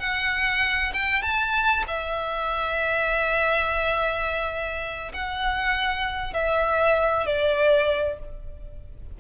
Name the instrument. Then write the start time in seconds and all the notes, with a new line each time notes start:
violin
0.00 F#5
0.94 G5
1.22 A5
1.88 E5
5.13 F#5
6.33 E5
7.27 D5